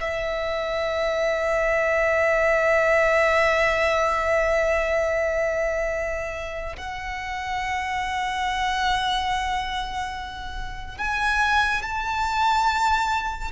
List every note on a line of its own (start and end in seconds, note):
0.00 6.76 E5
6.77 10.98 F#5
10.98 11.82 G#5
11.82 13.51 A5